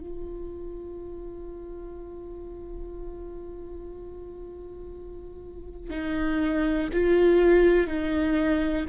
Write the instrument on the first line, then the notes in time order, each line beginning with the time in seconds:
viola
0.00 F4
5.90 D#4
6.93 F4
7.87 D#4